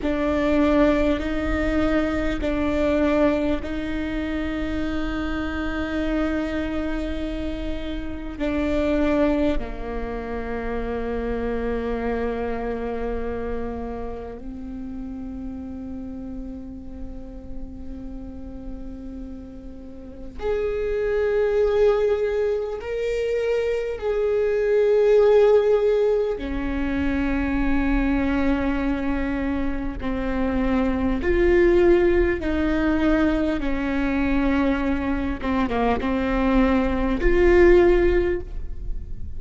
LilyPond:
\new Staff \with { instrumentName = "viola" } { \time 4/4 \tempo 4 = 50 d'4 dis'4 d'4 dis'4~ | dis'2. d'4 | ais1 | c'1~ |
c'4 gis'2 ais'4 | gis'2 cis'2~ | cis'4 c'4 f'4 dis'4 | cis'4. c'16 ais16 c'4 f'4 | }